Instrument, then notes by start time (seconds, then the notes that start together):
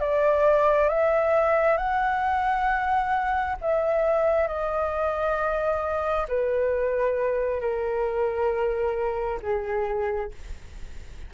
flute
0.00 D5
0.89 E5
1.77 F#5
3.61 E5
4.48 D#5
6.28 B4
7.60 A#4
9.42 G#4